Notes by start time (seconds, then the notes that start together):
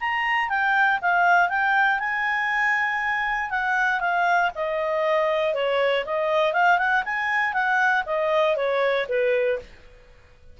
0.00 A#5
0.49 G5
1.01 F5
1.49 G5
1.99 G#5
3.50 F#5
4.00 F5
4.55 D#5
5.54 C#5
6.05 D#5
6.53 F5
6.78 F#5
7.05 G#5
7.53 F#5
8.05 D#5
8.56 C#5
9.08 B4